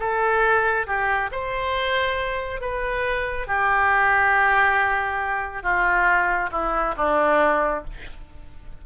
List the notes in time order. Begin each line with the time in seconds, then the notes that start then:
0.00 A4
0.87 G4
1.32 C5
2.61 B4
3.47 G4
5.63 F4
6.52 E4
6.97 D4